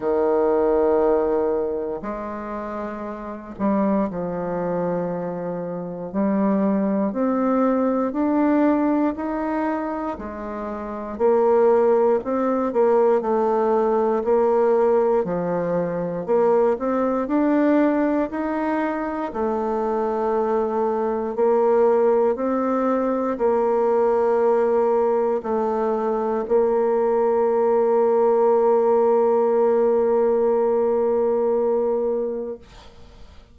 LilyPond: \new Staff \with { instrumentName = "bassoon" } { \time 4/4 \tempo 4 = 59 dis2 gis4. g8 | f2 g4 c'4 | d'4 dis'4 gis4 ais4 | c'8 ais8 a4 ais4 f4 |
ais8 c'8 d'4 dis'4 a4~ | a4 ais4 c'4 ais4~ | ais4 a4 ais2~ | ais1 | }